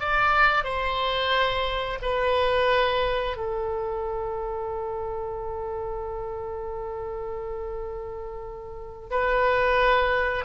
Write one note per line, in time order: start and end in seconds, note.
0.00 0.64 D5
0.64 1.99 C5
2.02 3.37 B4
3.37 9.10 A4
9.10 10.45 B4